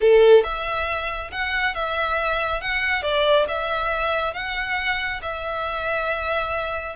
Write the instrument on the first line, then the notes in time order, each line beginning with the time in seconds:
violin
0.00 A4
0.43 E5
1.31 F#5
1.74 E5
2.61 F#5
3.02 D5
3.47 E5
4.33 F#5
5.22 E5